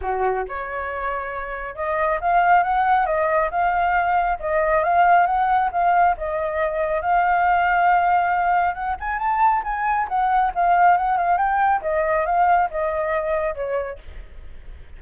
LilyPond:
\new Staff \with { instrumentName = "flute" } { \time 4/4 \tempo 4 = 137 fis'4 cis''2. | dis''4 f''4 fis''4 dis''4 | f''2 dis''4 f''4 | fis''4 f''4 dis''2 |
f''1 | fis''8 gis''8 a''4 gis''4 fis''4 | f''4 fis''8 f''8 g''4 dis''4 | f''4 dis''2 cis''4 | }